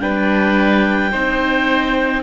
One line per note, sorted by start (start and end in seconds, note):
0.00 1.12 G3
0.00 1.11 D4
0.00 1.12 B4
0.00 2.23 G5
1.12 2.23 C4
1.12 2.23 D#4
1.12 2.23 C5